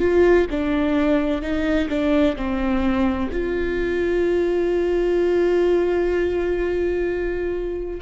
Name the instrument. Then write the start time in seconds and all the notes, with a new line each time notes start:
viola
0.00 F4
0.50 D4
1.42 D#4
1.89 D4
2.37 C4
3.32 F4